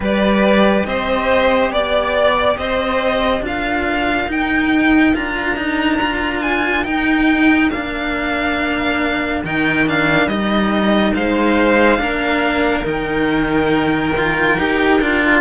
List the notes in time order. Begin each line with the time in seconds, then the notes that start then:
0.00 G3 G4 B4 D5
0.85 C4 C5 D#5
1.70 B3 D5
2.57 C4 C5 D#5
3.41 D4 F4 A#4 F5
4.28 D#4 G5
5.13 D4 F4 A#5
5.56 D#4
6.01 F4
6.42 G#5
6.83 D#4 G5
7.70 A#3 D4 F5
9.44 D#3 D#4 G5
9.86 D4 F5
10.26 G3 D#4 D#5
11.14 G#3 C5 F5
11.97 A#3 D4 A#4
12.83 D#3 D#4 G5
14.16 F4
14.57 D#4 G4
15.01 D4 F4